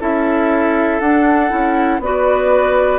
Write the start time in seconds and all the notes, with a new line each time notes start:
0.00 C#4 E4 A4 E5
1.00 D4 F#5
1.49 C#4 E4
1.99 B3 F#4 B4 D5